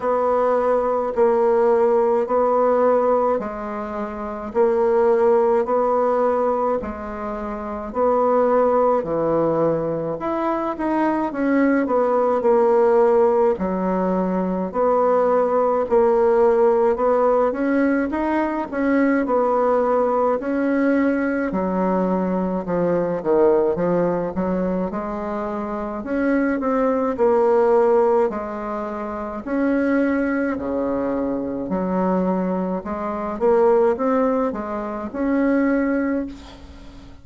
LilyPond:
\new Staff \with { instrumentName = "bassoon" } { \time 4/4 \tempo 4 = 53 b4 ais4 b4 gis4 | ais4 b4 gis4 b4 | e4 e'8 dis'8 cis'8 b8 ais4 | fis4 b4 ais4 b8 cis'8 |
dis'8 cis'8 b4 cis'4 fis4 | f8 dis8 f8 fis8 gis4 cis'8 c'8 | ais4 gis4 cis'4 cis4 | fis4 gis8 ais8 c'8 gis8 cis'4 | }